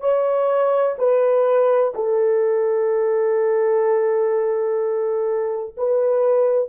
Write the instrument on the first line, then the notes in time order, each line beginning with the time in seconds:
horn
0.00 C#5
0.98 B4
1.94 A4
5.77 B4